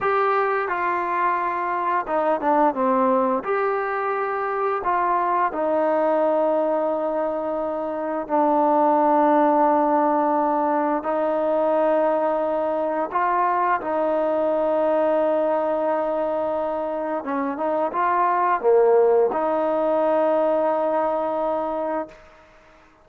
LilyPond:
\new Staff \with { instrumentName = "trombone" } { \time 4/4 \tempo 4 = 87 g'4 f'2 dis'8 d'8 | c'4 g'2 f'4 | dis'1 | d'1 |
dis'2. f'4 | dis'1~ | dis'4 cis'8 dis'8 f'4 ais4 | dis'1 | }